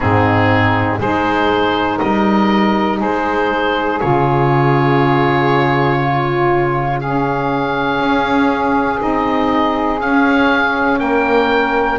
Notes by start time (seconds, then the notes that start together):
0.00 G#2 C4 D#4 G#4
0.98 G#3 D#4 G#4 C5
1.99 G3 A#4 D#5
2.98 G#3 G#4 C5
4.00 C#3 F4 C#5
6.00 F4
6.99 C#4 G#4 F5
7.99 C#4
8.99 C4 D#4 D#5
10.00 C#4 F5
10.99 A#3 A#4 G5